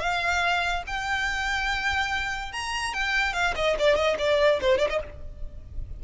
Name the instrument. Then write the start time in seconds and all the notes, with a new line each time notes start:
violin
0.00 F5
0.87 G5
2.52 A#5
2.94 G5
3.33 F5
3.56 D#5
3.79 D5
3.95 D#5
4.18 D5
4.61 C5
4.78 D5
4.90 D#5